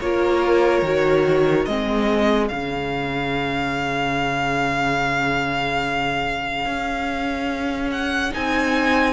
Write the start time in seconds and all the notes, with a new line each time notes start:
0.00 A#3 F4 A#4 C#5
0.82 D#3 F#4
1.65 G#3 C4 G#4 D#5
2.48 C#3 C#4 F5
6.65 C#4
7.92 F#5
8.31 C4 D#4 G#5